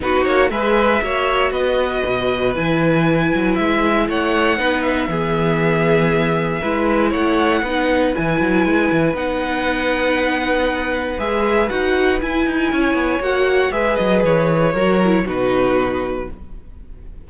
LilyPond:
<<
  \new Staff \with { instrumentName = "violin" } { \time 4/4 \tempo 4 = 118 b'8 cis''8 e''2 dis''4~ | dis''4 gis''2 e''4 | fis''4. e''2~ e''8~ | e''2 fis''2 |
gis''2 fis''2~ | fis''2 e''4 fis''4 | gis''2 fis''4 e''8 dis''8 | cis''2 b'2 | }
  \new Staff \with { instrumentName = "violin" } { \time 4/4 fis'4 b'4 cis''4 b'4~ | b'1 | cis''4 b'4 gis'2~ | gis'4 b'4 cis''4 b'4~ |
b'1~ | b'1~ | b'4 cis''2 b'4~ | b'4 ais'4 fis'2 | }
  \new Staff \with { instrumentName = "viola" } { \time 4/4 dis'4 gis'4 fis'2~ | fis'4 e'2.~ | e'4 dis'4 b2~ | b4 e'2 dis'4 |
e'2 dis'2~ | dis'2 gis'4 fis'4 | e'2 fis'4 gis'4~ | gis'4 fis'8 e'8 dis'2 | }
  \new Staff \with { instrumentName = "cello" } { \time 4/4 b8 ais8 gis4 ais4 b4 | b,4 e4. fis8 gis4 | a4 b4 e2~ | e4 gis4 a4 b4 |
e8 fis8 gis8 e8 b2~ | b2 gis4 dis'4 | e'8 dis'8 cis'8 b8 ais4 gis8 fis8 | e4 fis4 b,2 | }
>>